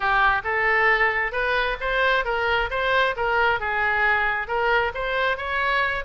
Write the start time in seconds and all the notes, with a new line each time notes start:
0.00 G4
0.44 A4
1.31 B4
1.80 C5
2.24 A#4
2.70 C5
3.16 A#4
3.60 G#4
4.47 A#4
4.94 C5
5.37 C#5